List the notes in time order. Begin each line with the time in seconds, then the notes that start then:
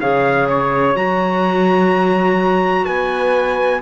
0.00 C#3 G#4 C#5 F5
0.49 C#5
0.95 F#3 F#4 A#5
2.84 B3 B4 G#5